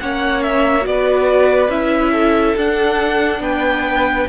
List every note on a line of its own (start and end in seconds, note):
0.00 0.87 A#3
0.00 0.82 C#4
0.00 0.88 C#5
0.00 0.43 F#5
0.43 0.86 E5
0.82 1.69 B3
0.82 1.67 F#4
0.82 1.71 D5
0.91 2.12 B4
1.69 2.54 C#4
1.69 2.56 E4
1.69 2.57 E5
2.12 3.40 A4
2.56 3.40 D4
2.56 4.29 D4
2.56 3.42 F#5
3.40 4.26 B3
3.40 4.29 B4
3.40 4.28 G5